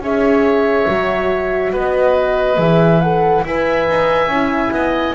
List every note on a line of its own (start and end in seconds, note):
0.00 0.86 C#4
0.00 0.88 G#4
0.00 1.72 C#5
0.00 1.75 E5
0.88 1.73 F#3
0.88 2.57 F#4
1.72 2.57 B3
1.72 3.44 B4
1.72 2.60 D#5
2.57 3.43 E3
2.57 3.00 G#4
2.57 3.01 E5
3.01 3.46 A4
3.01 3.44 F#5
3.45 3.88 E4
3.45 4.31 B4
3.45 4.74 E5
3.45 5.15 G#5
3.89 4.27 D#4
4.27 4.70 C#4
4.27 5.15 E4
4.71 5.14 B3
4.71 5.15 D#5